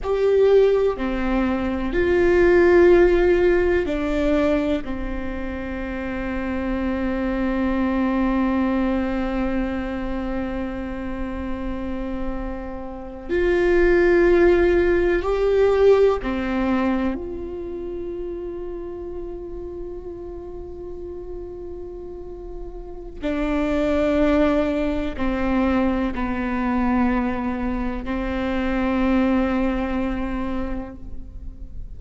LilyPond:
\new Staff \with { instrumentName = "viola" } { \time 4/4 \tempo 4 = 62 g'4 c'4 f'2 | d'4 c'2.~ | c'1~ | c'4.~ c'16 f'2 g'16~ |
g'8. c'4 f'2~ f'16~ | f'1 | d'2 c'4 b4~ | b4 c'2. | }